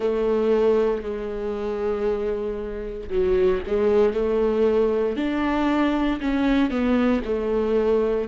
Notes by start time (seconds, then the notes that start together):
0.00 A3
1.02 G#3
3.09 F#3
3.67 G#3
4.13 A3
5.16 D4
6.21 C#4
6.70 B3
7.24 A3